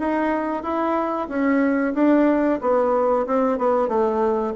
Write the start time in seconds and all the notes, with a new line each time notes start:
0.00 D#4
0.63 E4
1.29 C#4
1.95 D4
2.61 B3
3.27 C4
3.59 B3
3.89 A3